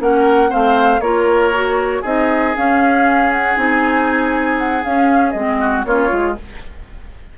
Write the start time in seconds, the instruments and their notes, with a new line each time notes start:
0.00 bassoon A#3, clarinet C#4, oboe A#4, flute F#5
0.49 bassoon A3, clarinet C4, oboe C5, flute F5
1.00 bassoon A#3, clarinet F4, oboe A#4, flute C#5
1.53 clarinet F#4
2.01 bassoon C4, clarinet D#4, oboe G#4, flute D#5
2.55 clarinet C#4, bassoon C#4, flute F5
3.32 flute F#5
3.56 bassoon C4, clarinet D#4, flute G#5
4.58 flute F#5
4.84 clarinet C#4, bassoon C#4, flute F5
5.31 bassoon G#3, clarinet C4, flute D#5
5.60 oboe F#4
5.85 bassoon A#3, clarinet C#4, oboe F4, flute C#5
6.09 bassoon G#3, clarinet F4